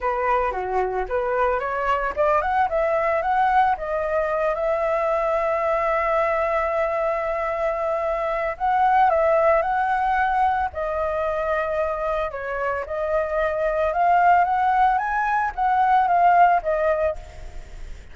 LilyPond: \new Staff \with { instrumentName = "flute" } { \time 4/4 \tempo 4 = 112 b'4 fis'4 b'4 cis''4 | d''8 fis''8 e''4 fis''4 dis''4~ | dis''8 e''2.~ e''8~ | e''1 |
fis''4 e''4 fis''2 | dis''2. cis''4 | dis''2 f''4 fis''4 | gis''4 fis''4 f''4 dis''4 | }